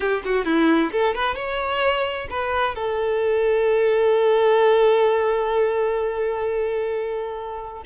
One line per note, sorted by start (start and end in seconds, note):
0.00 0.22 G4
0.25 0.45 F#4
0.45 0.91 E4
0.92 1.15 A4
1.15 1.35 B4
1.35 2.27 C#5
2.30 2.75 B4
2.75 7.82 A4